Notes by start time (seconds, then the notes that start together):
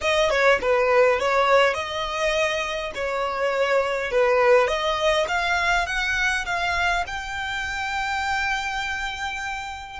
0.01 D#5
0.29 C#5
0.61 B4
1.19 C#5
1.74 D#5
2.94 C#5
4.11 B4
4.67 D#5
5.28 F5
5.86 F#5
6.45 F5
7.06 G5